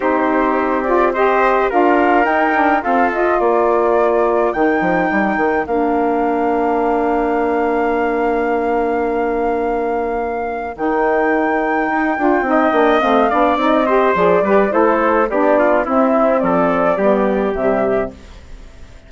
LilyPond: <<
  \new Staff \with { instrumentName = "flute" } { \time 4/4 \tempo 4 = 106 c''4. d''8 dis''4 f''4 | g''4 f''8 dis''8 d''2 | g''2 f''2~ | f''1~ |
f''2. g''4~ | g''2. f''4 | dis''4 d''4 c''4 d''4 | e''4 d''2 e''4 | }
  \new Staff \with { instrumentName = "trumpet" } { \time 4/4 g'2 c''4 ais'4~ | ais'4 a'4 ais'2~ | ais'1~ | ais'1~ |
ais'1~ | ais'2 dis''4. d''8~ | d''8 c''4 b'8 a'4 g'8 f'8 | e'4 a'4 g'2 | }
  \new Staff \with { instrumentName = "saxophone" } { \time 4/4 dis'4. f'8 g'4 f'4 | dis'8 d'8 c'8 f'2~ f'8 | dis'2 d'2~ | d'1~ |
d'2. dis'4~ | dis'4. f'8 dis'8 d'8 c'8 d'8 | dis'8 g'8 gis'8 g'8 e'4 d'4 | c'2 b4 g4 | }
  \new Staff \with { instrumentName = "bassoon" } { \time 4/4 c'2. d'4 | dis'4 f'4 ais2 | dis8 f8 g8 dis8 ais2~ | ais1~ |
ais2. dis4~ | dis4 dis'8 d'8 c'8 ais8 a8 b8 | c'4 f8 g8 a4 b4 | c'4 f4 g4 c4 | }
>>